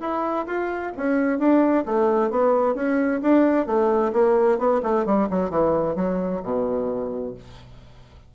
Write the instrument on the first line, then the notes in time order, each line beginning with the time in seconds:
bassoon
0.00 E4
0.46 F4
0.97 C#4
1.39 D4
1.86 A3
2.30 B3
2.75 C#4
3.22 D4
3.66 A3
4.13 A#3
4.58 B3
4.83 A3
5.05 G3
5.30 F#3
5.50 E3
5.96 F#3
6.43 B2